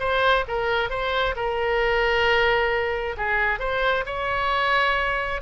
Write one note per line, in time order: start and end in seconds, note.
0.00 0.45 C5
0.48 0.90 A#4
0.90 1.35 C5
1.36 3.17 A#4
3.17 3.60 G#4
3.60 4.05 C5
4.06 5.42 C#5